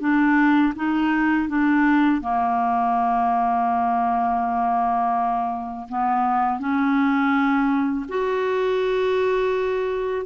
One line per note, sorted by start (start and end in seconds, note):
0.00 0.73 D4
0.75 1.48 D#4
1.48 2.21 D4
2.21 5.87 A#3
5.88 6.59 B3
6.59 8.06 C#4
8.08 10.25 F#4